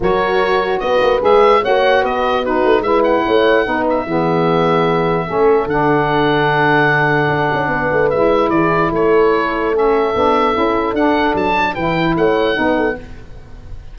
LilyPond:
<<
  \new Staff \with { instrumentName = "oboe" } { \time 4/4 \tempo 4 = 148 cis''2 dis''4 e''4 | fis''4 dis''4 b'4 e''8 fis''8~ | fis''4. e''2~ e''8~ | e''2 fis''2~ |
fis''1 | e''4 d''4 cis''2 | e''2. fis''4 | a''4 g''4 fis''2 | }
  \new Staff \with { instrumentName = "horn" } { \time 4/4 ais'2 b'2 | cis''4 b'4 fis'4 b'4 | cis''4 b'4 gis'2~ | gis'4 a'2.~ |
a'2. b'4~ | b'4 gis'4 a'2~ | a'1~ | a'4 b'4 cis''4 b'8 a'8 | }
  \new Staff \with { instrumentName = "saxophone" } { \time 4/4 fis'2. gis'4 | fis'2 dis'4 e'4~ | e'4 dis'4 b2~ | b4 cis'4 d'2~ |
d'1 | e'1 | cis'4 d'4 e'4 d'4~ | d'4 e'2 dis'4 | }
  \new Staff \with { instrumentName = "tuba" } { \time 4/4 fis2 b8 ais8 gis4 | ais4 b4. a8 gis4 | a4 b4 e2~ | e4 a4 d2~ |
d2 d'8 cis'8 b8 a8 | gis4 e4 a2~ | a4 b4 cis'4 d'4 | fis4 e4 a4 b4 | }
>>